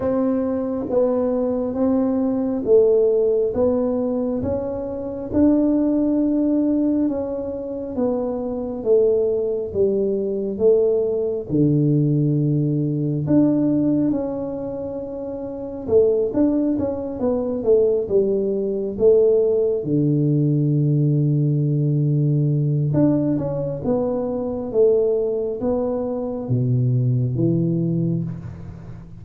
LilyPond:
\new Staff \with { instrumentName = "tuba" } { \time 4/4 \tempo 4 = 68 c'4 b4 c'4 a4 | b4 cis'4 d'2 | cis'4 b4 a4 g4 | a4 d2 d'4 |
cis'2 a8 d'8 cis'8 b8 | a8 g4 a4 d4.~ | d2 d'8 cis'8 b4 | a4 b4 b,4 e4 | }